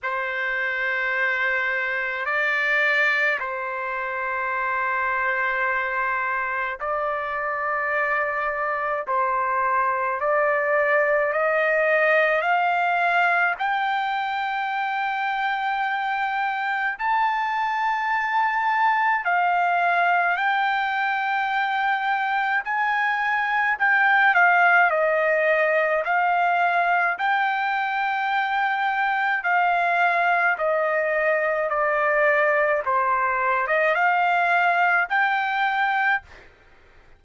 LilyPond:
\new Staff \with { instrumentName = "trumpet" } { \time 4/4 \tempo 4 = 53 c''2 d''4 c''4~ | c''2 d''2 | c''4 d''4 dis''4 f''4 | g''2. a''4~ |
a''4 f''4 g''2 | gis''4 g''8 f''8 dis''4 f''4 | g''2 f''4 dis''4 | d''4 c''8. dis''16 f''4 g''4 | }